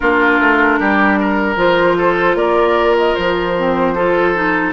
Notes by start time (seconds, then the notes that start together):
0.00 A#3 D4 F4 A#4
0.39 A3
0.79 G3 G4
1.20 A#4
1.56 F3 F4 C5
1.97 A4
2.34 A#3 A#4 D5
2.97 D#5
3.14 F3 C5
3.58 C4
3.95 F4 A4
4.35 D#4